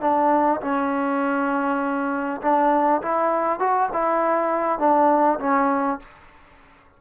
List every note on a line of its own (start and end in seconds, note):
0.00 0.60 D4
0.61 2.41 C#4
2.41 3.01 D4
3.02 3.59 E4
3.59 3.89 F#4
3.93 4.79 E4
4.79 5.39 D4
5.39 5.99 C#4